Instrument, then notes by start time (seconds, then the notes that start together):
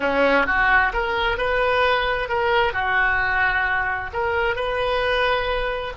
oboe
0.00 C#4
0.46 F#4
0.93 A#4
1.37 B4
2.28 A#4
2.73 F#4
4.13 A#4
4.55 B4